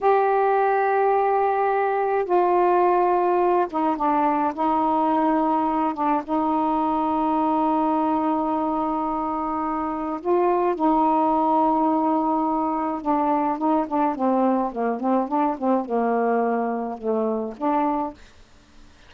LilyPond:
\new Staff \with { instrumentName = "saxophone" } { \time 4/4 \tempo 4 = 106 g'1 | f'2~ f'8 dis'8 d'4 | dis'2~ dis'8 d'8 dis'4~ | dis'1~ |
dis'2 f'4 dis'4~ | dis'2. d'4 | dis'8 d'8 c'4 ais8 c'8 d'8 c'8 | ais2 a4 d'4 | }